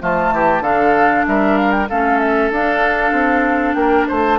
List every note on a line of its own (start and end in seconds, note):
0.00 0.32 F3
0.00 0.62 A3
0.00 0.34 F4
0.00 0.63 A5
0.32 0.61 E3
0.32 0.63 G4
0.61 1.23 D3
0.61 1.87 D4
0.61 1.26 A4
0.61 1.26 F5
1.28 1.90 G3
1.28 1.90 A#4
1.28 1.58 E5
1.58 1.72 F5
1.72 1.88 G5
1.90 2.51 A3
1.90 2.54 C#4
1.90 3.77 A4
1.90 2.20 F5
2.20 2.51 E5
2.51 3.12 D4
2.51 4.40 D4
2.51 3.75 F5
3.12 3.75 C4
3.75 4.07 A#3
3.75 4.08 A#4
3.75 4.06 G5
4.08 4.40 A3
4.08 4.39 C5
4.08 4.40 A5